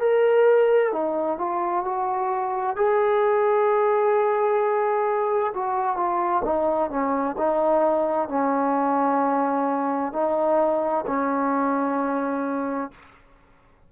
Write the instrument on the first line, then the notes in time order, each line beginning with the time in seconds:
trombone
0.00 A#4
0.93 D#4
1.38 F4
1.85 F#4
2.77 G#4
5.55 F#4
5.97 F4
6.45 D#4
6.90 C#4
7.38 D#4
8.29 C#4
10.13 D#4
11.07 C#4